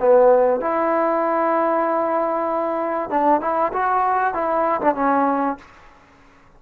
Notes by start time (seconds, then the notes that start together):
0.00 B3
0.61 E4
3.11 D4
3.41 E4
3.73 F#4
4.34 E4
4.82 D4
4.95 C#4